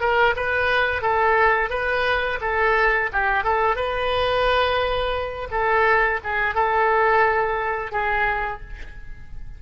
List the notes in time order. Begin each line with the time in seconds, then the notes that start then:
0.00 A#4
0.36 B4
1.02 A4
1.70 B4
2.41 A4
3.12 G4
3.44 A4
3.76 B4
5.51 A4
6.24 G#4
6.55 A4
7.92 G#4